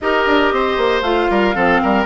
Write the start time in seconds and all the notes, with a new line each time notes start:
0.01 D#4 G4 A#4 D#5
0.26 D4
0.51 C4 C5
0.77 A#3
1.01 A3 F4 F5
1.30 G3 A#4
1.54 F3 C4 A4
1.82 G3 A#4